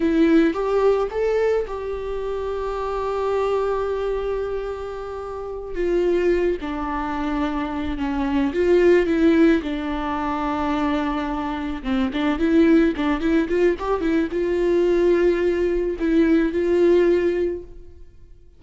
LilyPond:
\new Staff \with { instrumentName = "viola" } { \time 4/4 \tempo 4 = 109 e'4 g'4 a'4 g'4~ | g'1~ | g'2~ g'8 f'4. | d'2~ d'8 cis'4 f'8~ |
f'8 e'4 d'2~ d'8~ | d'4. c'8 d'8 e'4 d'8 | e'8 f'8 g'8 e'8 f'2~ | f'4 e'4 f'2 | }